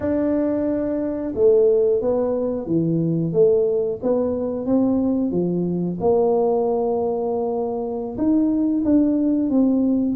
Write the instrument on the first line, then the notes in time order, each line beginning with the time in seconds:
tuba
0.00 D4
1.35 A3
2.01 B3
2.66 E3
3.32 A3
4.02 B3
4.65 C4
5.31 F3
6.00 A#3
8.17 D#4
8.85 D4
9.50 C4